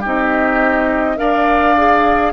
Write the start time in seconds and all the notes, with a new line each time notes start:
0.00 C4 D#4 G4 D#5
1.16 D4 A#4 D5 F5
1.77 G#4